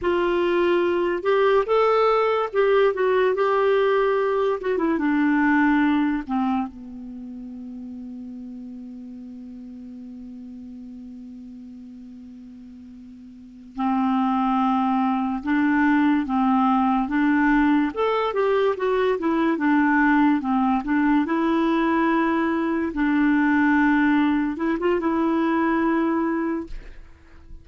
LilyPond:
\new Staff \with { instrumentName = "clarinet" } { \time 4/4 \tempo 4 = 72 f'4. g'8 a'4 g'8 fis'8 | g'4. fis'16 e'16 d'4. c'8 | b1~ | b1~ |
b8 c'2 d'4 c'8~ | c'8 d'4 a'8 g'8 fis'8 e'8 d'8~ | d'8 c'8 d'8 e'2 d'8~ | d'4. e'16 f'16 e'2 | }